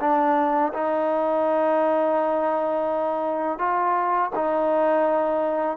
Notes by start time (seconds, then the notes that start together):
0.00 D4
0.73 D#4
3.58 F4
4.35 D#4